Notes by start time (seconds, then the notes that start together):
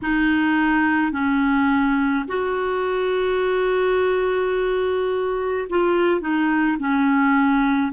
0.02 D#4
1.12 C#4
2.27 F#4
5.69 F4
6.20 D#4
6.79 C#4